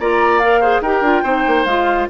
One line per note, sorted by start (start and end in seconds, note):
0.00 0.81 A#3
0.00 0.42 F4
0.00 0.61 D5
0.00 0.39 A#5
0.39 0.63 A#4
0.39 0.81 F5
0.61 0.84 G#4
0.61 0.82 C5
0.81 1.01 D#4
0.81 1.05 G4
0.81 1.23 A#4
0.81 1.65 G5
1.01 1.22 D4
1.01 1.25 F4
1.23 1.45 C4
1.23 1.67 D#4
1.23 2.08 C5
1.47 1.66 A#3
1.65 2.08 G#3
1.65 2.10 F4
1.65 2.07 F5